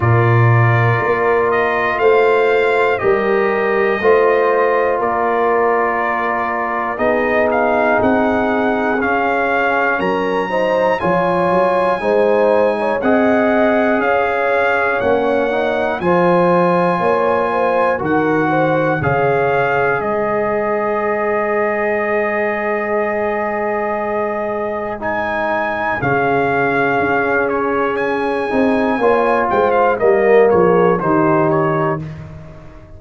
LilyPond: <<
  \new Staff \with { instrumentName = "trumpet" } { \time 4/4 \tempo 4 = 60 d''4. dis''8 f''4 dis''4~ | dis''4 d''2 dis''8 f''8 | fis''4 f''4 ais''4 gis''4~ | gis''4 fis''4 f''4 fis''4 |
gis''2 fis''4 f''4 | dis''1~ | dis''4 gis''4 f''4. cis''8 | gis''4. g''16 f''16 dis''8 cis''8 c''8 cis''8 | }
  \new Staff \with { instrumentName = "horn" } { \time 4/4 ais'2 c''4 ais'4 | c''4 ais'2 gis'4~ | gis'2 ais'8 c''8 cis''4 | c''8. cis''16 dis''4 cis''2 |
c''4 cis''8 c''8 ais'8 c''8 cis''4 | c''1~ | c''2 gis'2~ | gis'4 cis''8 c''8 ais'8 gis'8 g'4 | }
  \new Staff \with { instrumentName = "trombone" } { \time 4/4 f'2. g'4 | f'2. dis'4~ | dis'4 cis'4. dis'8 f'4 | dis'4 gis'2 cis'8 dis'8 |
f'2 fis'4 gis'4~ | gis'1~ | gis'4 dis'4 cis'2~ | cis'8 dis'8 f'4 ais4 dis'4 | }
  \new Staff \with { instrumentName = "tuba" } { \time 4/4 ais,4 ais4 a4 g4 | a4 ais2 b4 | c'4 cis'4 fis4 f8 fis8 | gis4 c'4 cis'4 ais4 |
f4 ais4 dis4 cis4 | gis1~ | gis2 cis4 cis'4~ | cis'8 c'8 ais8 gis8 g8 f8 dis4 | }
>>